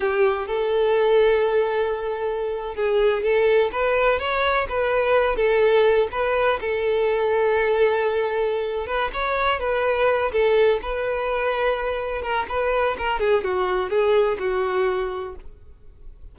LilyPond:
\new Staff \with { instrumentName = "violin" } { \time 4/4 \tempo 4 = 125 g'4 a'2.~ | a'4.~ a'16 gis'4 a'4 b'16~ | b'8. cis''4 b'4. a'8.~ | a'8. b'4 a'2~ a'16~ |
a'2~ a'8 b'8 cis''4 | b'4. a'4 b'4.~ | b'4. ais'8 b'4 ais'8 gis'8 | fis'4 gis'4 fis'2 | }